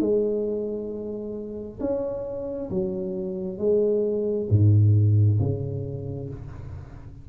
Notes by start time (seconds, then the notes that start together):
0.00 G#3
1.80 C#4
2.70 F#3
3.58 G#3
4.50 G#2
5.39 C#3